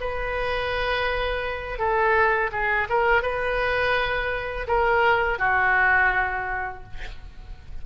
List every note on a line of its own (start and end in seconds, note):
0.00 1.79 B4
1.79 2.51 A4
2.52 2.88 G#4
2.89 3.22 A#4
3.22 4.67 B4
4.68 5.39 A#4
5.39 6.83 F#4